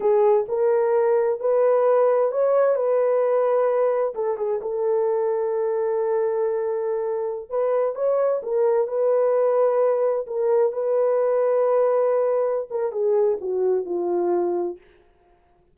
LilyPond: \new Staff \with { instrumentName = "horn" } { \time 4/4 \tempo 4 = 130 gis'4 ais'2 b'4~ | b'4 cis''4 b'2~ | b'4 a'8 gis'8 a'2~ | a'1~ |
a'16 b'4 cis''4 ais'4 b'8.~ | b'2~ b'16 ais'4 b'8.~ | b'2.~ b'8 ais'8 | gis'4 fis'4 f'2 | }